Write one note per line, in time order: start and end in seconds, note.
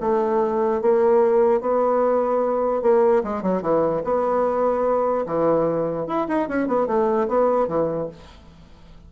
0.00 0.81 A3
0.81 1.61 A#3
1.61 2.82 B3
2.82 3.22 A#3
3.23 3.42 G#3
3.42 3.62 F#3
3.62 4.02 E3
4.04 5.25 B3
5.26 6.07 E3
6.07 6.27 E4
6.28 6.48 D#4
6.48 6.67 C#4
6.67 6.87 B3
6.87 7.27 A3
7.28 7.67 B3
7.67 8.08 E3